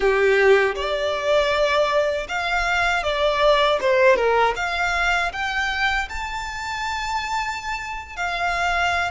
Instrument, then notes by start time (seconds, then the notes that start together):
violin
0.00 G4
0.75 D5
2.28 F5
3.03 D5
3.80 C5
4.16 A#4
4.56 F5
5.32 G5
6.09 A5
8.16 F5